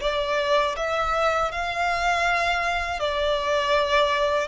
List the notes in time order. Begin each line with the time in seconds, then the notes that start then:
0.00 D5
0.76 E5
1.51 F5
2.99 D5